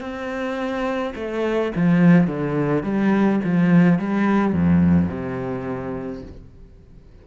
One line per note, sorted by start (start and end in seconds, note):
0.00 1.13 C4
1.15 1.72 A3
1.75 2.27 F3
2.27 2.83 D3
2.83 3.40 G3
3.44 3.98 F3
3.98 4.52 G3
4.52 5.08 F2
5.08 6.22 C3